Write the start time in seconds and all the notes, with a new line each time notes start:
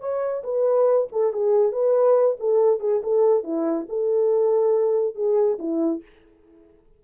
0.00 C#5
0.43 B4
1.12 A4
1.33 G#4
1.72 B4
2.39 A4
2.80 G#4
3.03 A4
3.43 E4
3.89 A4
5.15 G#4
5.59 E4